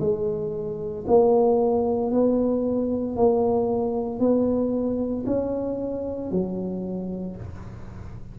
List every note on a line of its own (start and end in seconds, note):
0.00 1.05 G#3
1.07 2.11 A#3
2.11 3.16 B3
3.16 4.20 A#3
4.20 5.25 B3
5.26 6.31 C#4
6.31 7.36 F#3